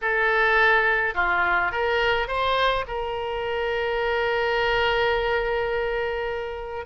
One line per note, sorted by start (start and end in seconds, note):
0.01 1.14 A4
1.14 1.71 F4
1.71 2.27 A#4
2.27 2.84 C5
2.87 6.85 A#4